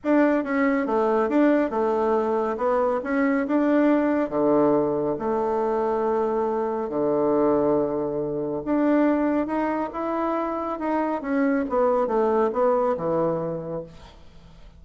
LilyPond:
\new Staff \with { instrumentName = "bassoon" } { \time 4/4 \tempo 4 = 139 d'4 cis'4 a4 d'4 | a2 b4 cis'4 | d'2 d2 | a1 |
d1 | d'2 dis'4 e'4~ | e'4 dis'4 cis'4 b4 | a4 b4 e2 | }